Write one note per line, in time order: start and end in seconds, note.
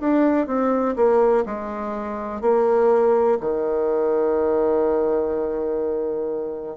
0.00 0.47 D4
0.47 0.95 C4
0.96 1.44 A#3
1.46 2.41 G#3
2.41 3.38 A#3
3.40 6.77 D#3